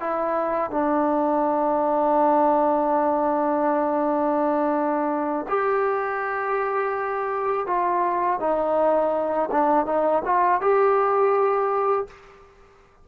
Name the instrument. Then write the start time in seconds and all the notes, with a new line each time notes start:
trombone
0.00 E4
0.71 D4
5.49 G4
7.67 F4
8.40 D#4
9.52 D4
9.86 D#4
10.25 F4
10.61 G4